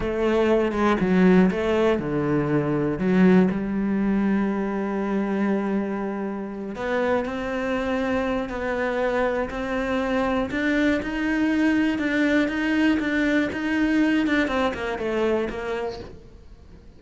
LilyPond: \new Staff \with { instrumentName = "cello" } { \time 4/4 \tempo 4 = 120 a4. gis8 fis4 a4 | d2 fis4 g4~ | g1~ | g4. b4 c'4.~ |
c'4 b2 c'4~ | c'4 d'4 dis'2 | d'4 dis'4 d'4 dis'4~ | dis'8 d'8 c'8 ais8 a4 ais4 | }